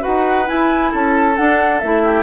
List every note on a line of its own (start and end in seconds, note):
0.00 0.44 F#4
0.00 0.90 B4
0.00 0.47 F#5
0.07 0.48 D#4
0.46 1.35 E4
0.46 0.93 E4
0.46 0.92 G#5
0.91 1.37 C#4
0.91 2.02 A4
0.91 1.36 A5
1.36 1.80 D4
1.36 1.82 D4
1.36 1.79 F#5
1.79 2.23 A3
1.79 2.23 E4
1.79 2.23 E5
2.04 2.23 G4